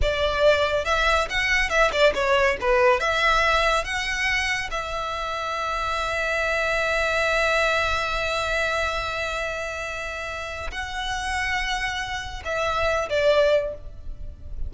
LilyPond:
\new Staff \with { instrumentName = "violin" } { \time 4/4 \tempo 4 = 140 d''2 e''4 fis''4 | e''8 d''8 cis''4 b'4 e''4~ | e''4 fis''2 e''4~ | e''1~ |
e''1~ | e''1~ | e''4 fis''2.~ | fis''4 e''4. d''4. | }